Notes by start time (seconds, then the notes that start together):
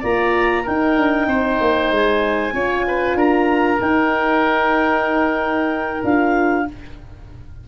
0.00 A#3 F4 D5 A#5
0.63 D#4 A#4 G5
0.97 D4
1.27 C4 C5
1.60 A#3
1.91 G#3 G#5
2.53 C#4 F4 C#5
2.87 B4
3.15 D4 A#4 A#5
3.81 D#4 G5
6.04 D4 F4 F5